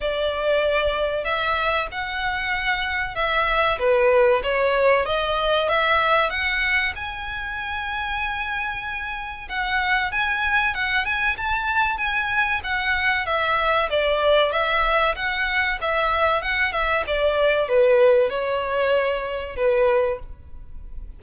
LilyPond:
\new Staff \with { instrumentName = "violin" } { \time 4/4 \tempo 4 = 95 d''2 e''4 fis''4~ | fis''4 e''4 b'4 cis''4 | dis''4 e''4 fis''4 gis''4~ | gis''2. fis''4 |
gis''4 fis''8 gis''8 a''4 gis''4 | fis''4 e''4 d''4 e''4 | fis''4 e''4 fis''8 e''8 d''4 | b'4 cis''2 b'4 | }